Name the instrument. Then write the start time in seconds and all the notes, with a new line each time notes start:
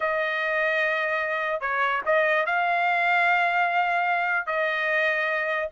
trumpet
0.00 D#5
1.60 C#5
2.05 D#5
2.46 F5
4.46 D#5